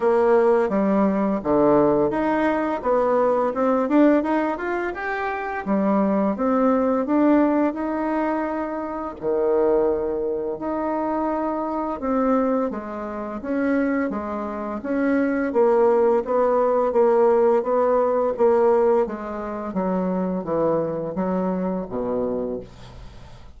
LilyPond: \new Staff \with { instrumentName = "bassoon" } { \time 4/4 \tempo 4 = 85 ais4 g4 d4 dis'4 | b4 c'8 d'8 dis'8 f'8 g'4 | g4 c'4 d'4 dis'4~ | dis'4 dis2 dis'4~ |
dis'4 c'4 gis4 cis'4 | gis4 cis'4 ais4 b4 | ais4 b4 ais4 gis4 | fis4 e4 fis4 b,4 | }